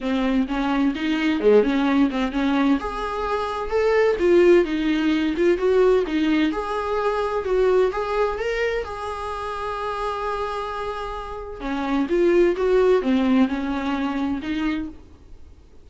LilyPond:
\new Staff \with { instrumentName = "viola" } { \time 4/4 \tempo 4 = 129 c'4 cis'4 dis'4 gis8 cis'8~ | cis'8 c'8 cis'4 gis'2 | a'4 f'4 dis'4. f'8 | fis'4 dis'4 gis'2 |
fis'4 gis'4 ais'4 gis'4~ | gis'1~ | gis'4 cis'4 f'4 fis'4 | c'4 cis'2 dis'4 | }